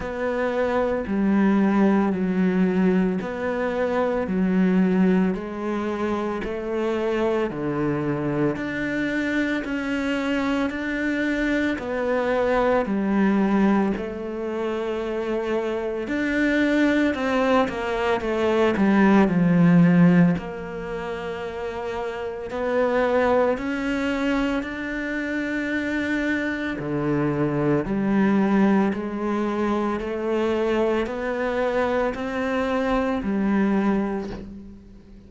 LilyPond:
\new Staff \with { instrumentName = "cello" } { \time 4/4 \tempo 4 = 56 b4 g4 fis4 b4 | fis4 gis4 a4 d4 | d'4 cis'4 d'4 b4 | g4 a2 d'4 |
c'8 ais8 a8 g8 f4 ais4~ | ais4 b4 cis'4 d'4~ | d'4 d4 g4 gis4 | a4 b4 c'4 g4 | }